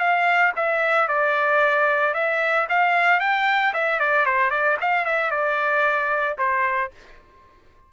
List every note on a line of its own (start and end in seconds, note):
0.00 0.53 F5
0.56 1.08 E5
1.08 2.14 D5
2.14 2.67 E5
2.70 3.21 F5
3.21 3.74 G5
3.74 4.00 E5
4.00 4.26 D5
4.26 4.51 C5
4.51 4.78 D5
4.81 5.05 F5
5.05 5.31 E5
5.31 6.37 D5
6.39 6.92 C5